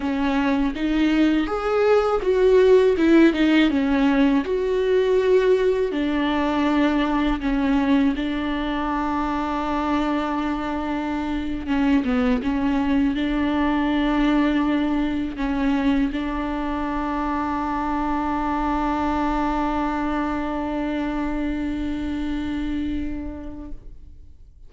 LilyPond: \new Staff \with { instrumentName = "viola" } { \time 4/4 \tempo 4 = 81 cis'4 dis'4 gis'4 fis'4 | e'8 dis'8 cis'4 fis'2 | d'2 cis'4 d'4~ | d'2.~ d'8. cis'16~ |
cis'16 b8 cis'4 d'2~ d'16~ | d'8. cis'4 d'2~ d'16~ | d'1~ | d'1 | }